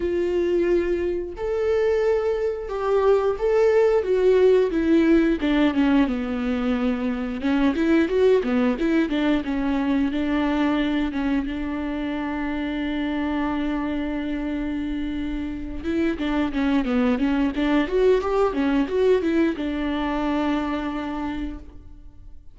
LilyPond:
\new Staff \with { instrumentName = "viola" } { \time 4/4 \tempo 4 = 89 f'2 a'2 | g'4 a'4 fis'4 e'4 | d'8 cis'8 b2 cis'8 e'8 | fis'8 b8 e'8 d'8 cis'4 d'4~ |
d'8 cis'8 d'2.~ | d'2.~ d'8 e'8 | d'8 cis'8 b8 cis'8 d'8 fis'8 g'8 cis'8 | fis'8 e'8 d'2. | }